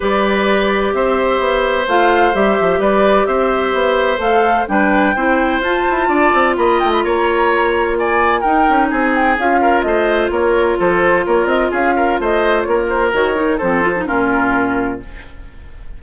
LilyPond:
<<
  \new Staff \with { instrumentName = "flute" } { \time 4/4 \tempo 4 = 128 d''2 e''2 | f''4 e''4 d''4 e''4~ | e''4 f''4 g''2 | a''2 b''8 g''16 b''16 ais''4~ |
ais''4 gis''4 g''4 gis''8 g''8 | f''4 dis''4 cis''4 c''4 | cis''8 dis''8 f''4 dis''4 cis''8 c''8 | cis''4 c''4 ais'2 | }
  \new Staff \with { instrumentName = "oboe" } { \time 4/4 b'2 c''2~ | c''2 b'4 c''4~ | c''2 b'4 c''4~ | c''4 d''4 dis''4 cis''4~ |
cis''4 d''4 ais'4 gis'4~ | gis'8 ais'8 c''4 ais'4 a'4 | ais'4 gis'8 ais'8 c''4 ais'4~ | ais'4 a'4 f'2 | }
  \new Staff \with { instrumentName = "clarinet" } { \time 4/4 g'1 | f'4 g'2.~ | g'4 a'4 d'4 e'4 | f'1~ |
f'2 dis'2 | f'1~ | f'1 | fis'8 dis'8 c'8 f'16 dis'16 cis'2 | }
  \new Staff \with { instrumentName = "bassoon" } { \time 4/4 g2 c'4 b4 | a4 g8 f8 g4 c'4 | b4 a4 g4 c'4 | f'8 e'8 d'8 c'8 ais8 a8 ais4~ |
ais2 dis'8 cis'8 c'4 | cis'4 a4 ais4 f4 | ais8 c'8 cis'4 a4 ais4 | dis4 f4 ais,2 | }
>>